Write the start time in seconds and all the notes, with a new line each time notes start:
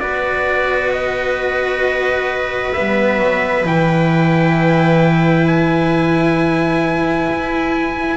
0.00 B3 F#4 B4 D5
0.93 D#5
2.73 G3 B3 E5
3.19 F#3
3.64 E3 E4 G5
5.47 G#5
7.31 E4